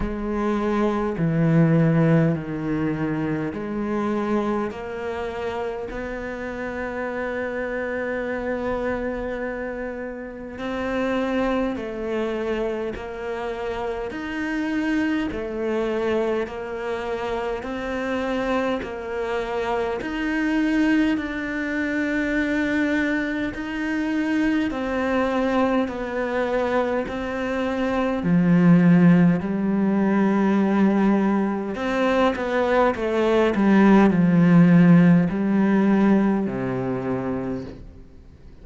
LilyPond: \new Staff \with { instrumentName = "cello" } { \time 4/4 \tempo 4 = 51 gis4 e4 dis4 gis4 | ais4 b2.~ | b4 c'4 a4 ais4 | dis'4 a4 ais4 c'4 |
ais4 dis'4 d'2 | dis'4 c'4 b4 c'4 | f4 g2 c'8 b8 | a8 g8 f4 g4 c4 | }